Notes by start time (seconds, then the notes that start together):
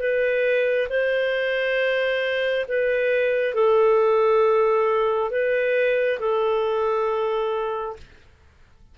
0.00 B4
0.89 C5
2.69 B4
3.55 A4
5.31 B4
6.20 A4